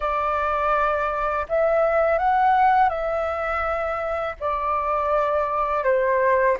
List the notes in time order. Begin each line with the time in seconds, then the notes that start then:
0.00 D5
1.48 E5
2.18 F#5
2.89 E5
4.40 D5
5.84 C5